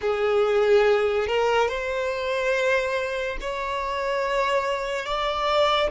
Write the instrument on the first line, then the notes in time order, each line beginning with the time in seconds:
violin
0.01 G#4
1.27 A#4
1.68 C5
3.40 C#5
5.05 D5